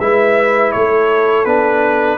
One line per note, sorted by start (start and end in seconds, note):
0.00 0.73 G#3
0.00 1.47 E4
0.00 0.75 B4
0.00 0.72 E5
0.72 1.46 A3
0.72 2.19 A4
0.72 1.45 C#5
1.45 2.19 B3
1.45 2.19 D4
1.45 2.19 B4